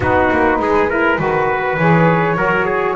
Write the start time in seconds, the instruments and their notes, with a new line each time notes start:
0.00 double bass B3, saxophone D#4, trumpet F#4, flute B4
0.31 double bass A#3
0.59 double bass G#3, trumpet G#4
0.89 saxophone E4, trumpet A#4
1.17 double bass D#3, saxophone F#4, trumpet B4
1.77 double bass E3, saxophone G#4, flute C#5
2.35 double bass F#3, saxophone F#4, trumpet A#4
2.65 trumpet G#4